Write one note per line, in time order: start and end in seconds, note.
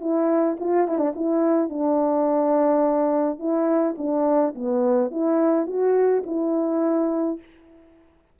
0.00 0.57 E4
0.59 0.87 F4
0.87 0.98 E4
0.98 1.12 D4
1.15 1.69 E4
1.69 3.39 D4
3.39 3.95 E4
3.98 4.54 D4
4.55 5.10 B3
5.10 5.66 E4
5.66 6.23 F#4
6.26 7.39 E4